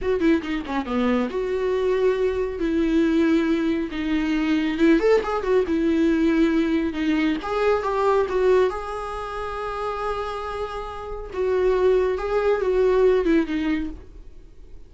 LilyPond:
\new Staff \with { instrumentName = "viola" } { \time 4/4 \tempo 4 = 138 fis'8 e'8 dis'8 cis'8 b4 fis'4~ | fis'2 e'2~ | e'4 dis'2 e'8 a'8 | gis'8 fis'8 e'2. |
dis'4 gis'4 g'4 fis'4 | gis'1~ | gis'2 fis'2 | gis'4 fis'4. e'8 dis'4 | }